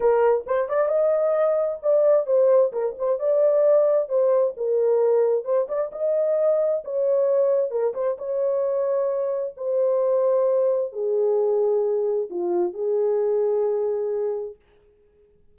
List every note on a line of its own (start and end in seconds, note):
0.00 0.44 A#4
0.46 0.68 C5
0.68 0.87 D5
0.87 1.78 D#5
1.82 2.26 D5
2.26 2.71 C5
2.72 2.95 A#4
2.98 3.19 C5
3.19 4.08 D5
4.08 4.54 C5
4.57 5.44 A#4
5.44 5.67 C5
5.68 5.90 D5
5.92 6.83 D#5
6.84 7.70 C#5
7.70 7.93 A#4
7.94 8.17 C5
8.17 9.54 C#5
9.56 10.92 C5
10.92 12.28 G#4
12.30 12.73 F4
12.73 14.55 G#4